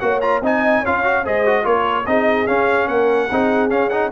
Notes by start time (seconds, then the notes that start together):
0.00 A#3 F#4 C#5 F#5
0.21 F4 A#5
0.41 C4 D#4 D#5 G#5
0.81 C#4 F4 C#5 F5
1.04 F#4
1.23 G#3 G#4 C5 D#5
1.46 F#4
1.63 A#3 F4 A#4 C#5
2.07 C4 D#4 G#4 D#5
2.47 C#4 F5
2.88 A#3 A#4 F#5
3.29 C4 D#4 G#4
3.70 C#4 F5
3.90 D#4 F#5